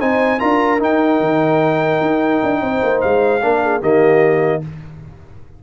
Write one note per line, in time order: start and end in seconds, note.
0.00 0.41 C4
0.00 0.39 D#4
0.00 0.39 C5
0.00 0.40 G#5
0.39 0.81 D4
0.39 0.79 F4
0.39 2.61 A#4
0.39 0.80 A#5
0.79 3.41 D#4
0.79 1.20 D#4
0.79 3.01 G5
1.20 2.01 D#3
2.01 2.41 D#4
2.43 2.61 D4
2.61 2.81 C4
2.61 3.43 C5
2.83 3.03 A#3
3.01 3.43 G#3
3.01 3.81 F5
3.42 3.82 A#3
3.42 3.81 D4
3.42 3.63 A#4
3.63 3.80 G#4
3.80 4.62 D#3
3.80 4.61 A#3
3.80 4.61 G4
3.80 4.63 D#5